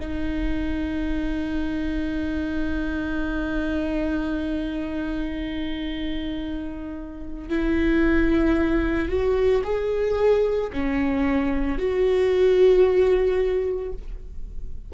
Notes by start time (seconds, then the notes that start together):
0.00 D#4
7.50 E4
9.09 F#4
9.64 G#4
10.73 C#4
11.79 F#4